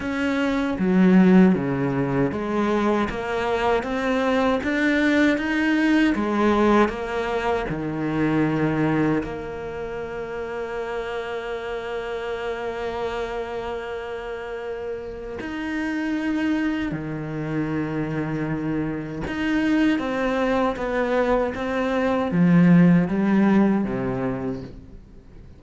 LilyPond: \new Staff \with { instrumentName = "cello" } { \time 4/4 \tempo 4 = 78 cis'4 fis4 cis4 gis4 | ais4 c'4 d'4 dis'4 | gis4 ais4 dis2 | ais1~ |
ais1 | dis'2 dis2~ | dis4 dis'4 c'4 b4 | c'4 f4 g4 c4 | }